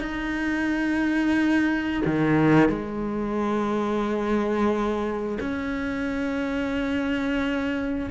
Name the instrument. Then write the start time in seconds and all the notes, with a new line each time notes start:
cello
0.00 D#4
2.05 D#3
2.68 G#3
5.40 C#4